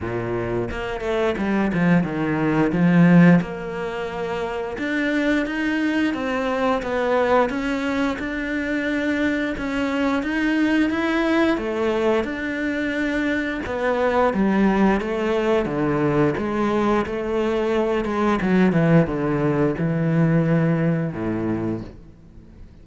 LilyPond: \new Staff \with { instrumentName = "cello" } { \time 4/4 \tempo 4 = 88 ais,4 ais8 a8 g8 f8 dis4 | f4 ais2 d'4 | dis'4 c'4 b4 cis'4 | d'2 cis'4 dis'4 |
e'4 a4 d'2 | b4 g4 a4 d4 | gis4 a4. gis8 fis8 e8 | d4 e2 a,4 | }